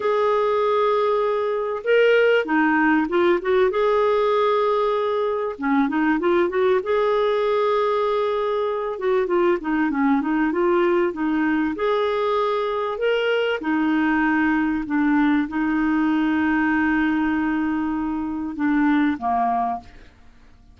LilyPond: \new Staff \with { instrumentName = "clarinet" } { \time 4/4 \tempo 4 = 97 gis'2. ais'4 | dis'4 f'8 fis'8 gis'2~ | gis'4 cis'8 dis'8 f'8 fis'8 gis'4~ | gis'2~ gis'8 fis'8 f'8 dis'8 |
cis'8 dis'8 f'4 dis'4 gis'4~ | gis'4 ais'4 dis'2 | d'4 dis'2.~ | dis'2 d'4 ais4 | }